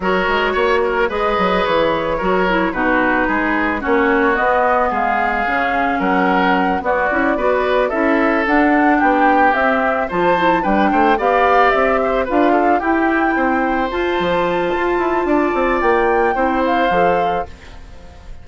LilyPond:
<<
  \new Staff \with { instrumentName = "flute" } { \time 4/4 \tempo 4 = 110 cis''2 dis''4 cis''4~ | cis''4 b'2 cis''4 | dis''4 f''2 fis''4~ | fis''8 d''2 e''4 fis''8~ |
fis''8 g''4 e''4 a''4 g''8~ | g''8 f''4 e''4 f''4 g''8~ | g''4. a''2~ a''8~ | a''4 g''4. f''4. | }
  \new Staff \with { instrumentName = "oboe" } { \time 4/4 ais'4 cis''8 ais'8 b'2 | ais'4 fis'4 gis'4 fis'4~ | fis'4 gis'2 ais'4~ | ais'8 fis'4 b'4 a'4.~ |
a'8 g'2 c''4 b'8 | c''8 d''4. c''8 b'8 a'8 g'8~ | g'8 c''2.~ c''8 | d''2 c''2 | }
  \new Staff \with { instrumentName = "clarinet" } { \time 4/4 fis'2 gis'2 | fis'8 e'8 dis'2 cis'4 | b2 cis'2~ | cis'8 b8 e'8 fis'4 e'4 d'8~ |
d'4. c'4 f'8 e'8 d'8~ | d'8 g'2 f'4 e'8~ | e'4. f'2~ f'8~ | f'2 e'4 a'4 | }
  \new Staff \with { instrumentName = "bassoon" } { \time 4/4 fis8 gis8 ais4 gis8 fis8 e4 | fis4 b,4 gis4 ais4 | b4 gis4 cis4 fis4~ | fis8 b8 cis'8 b4 cis'4 d'8~ |
d'8 b4 c'4 f4 g8 | a8 b4 c'4 d'4 e'8~ | e'8 c'4 f'8 f4 f'8 e'8 | d'8 c'8 ais4 c'4 f4 | }
>>